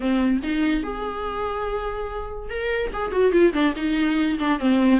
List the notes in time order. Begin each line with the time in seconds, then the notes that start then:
0.00 C4
0.43 D#4
0.83 G#4
2.49 A#4
2.93 G#4
3.11 F#4
3.32 F4
3.53 D4
3.76 D#4
4.39 D4
4.59 C4